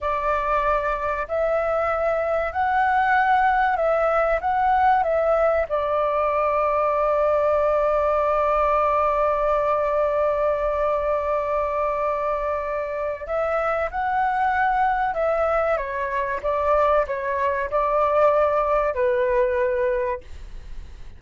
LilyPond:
\new Staff \with { instrumentName = "flute" } { \time 4/4 \tempo 4 = 95 d''2 e''2 | fis''2 e''4 fis''4 | e''4 d''2.~ | d''1~ |
d''1~ | d''4 e''4 fis''2 | e''4 cis''4 d''4 cis''4 | d''2 b'2 | }